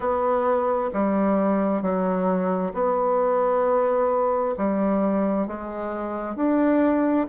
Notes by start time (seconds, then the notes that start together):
0.00 B3
0.93 G3
1.82 F#3
2.73 B3
4.57 G3
5.47 G#3
6.35 D4